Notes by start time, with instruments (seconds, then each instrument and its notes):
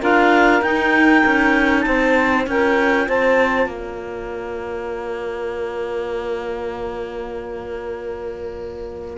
0.00 cello D4, clarinet F4 F5, saxophone A#4
0.61 cello D#4, clarinet D#4 G5
1.25 cello C#4
1.81 cello C4, saxophone C5, clarinet A5
2.46 cello C#4, clarinet F4 G5, saxophone A#4
3.07 cello C4, saxophone C5, clarinet A5
3.66 cello A#3, saxophone C#5, clarinet A#5